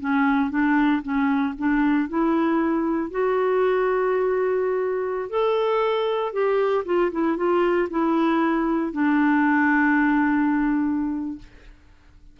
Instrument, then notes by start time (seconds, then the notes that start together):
clarinet
0.00 C#4
0.50 D4
1.02 C#4
1.58 D4
2.09 E4
3.11 F#4
5.29 A4
6.33 G4
6.85 F4
7.12 E4
7.37 F4
7.90 E4
8.92 D4